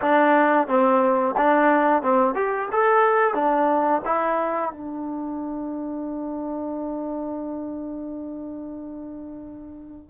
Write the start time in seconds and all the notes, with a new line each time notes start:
0.01 D4
0.67 C4
1.37 D4
2.02 C4
2.34 G4
2.72 A4
3.34 D4
4.05 E4
4.72 D4